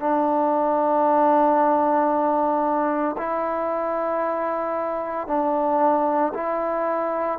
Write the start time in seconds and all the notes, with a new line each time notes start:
0.00 D4
3.18 E4
5.27 D4
6.34 E4